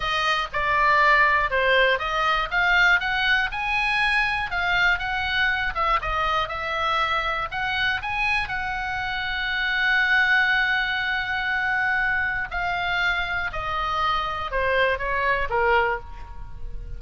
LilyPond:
\new Staff \with { instrumentName = "oboe" } { \time 4/4 \tempo 4 = 120 dis''4 d''2 c''4 | dis''4 f''4 fis''4 gis''4~ | gis''4 f''4 fis''4. e''8 | dis''4 e''2 fis''4 |
gis''4 fis''2.~ | fis''1~ | fis''4 f''2 dis''4~ | dis''4 c''4 cis''4 ais'4 | }